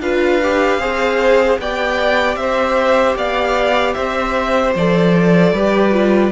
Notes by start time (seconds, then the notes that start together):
0.00 D4 F4 B4 F5
0.43 G4
0.78 C4 G#4 C5
1.59 B3 G4 D5 G5
2.36 C4 C5 E5
3.16 B3 D5 F5
3.94 C4 C5 E5
4.75 F3 A4 D5
5.53 G3 G4 B4
5.92 F4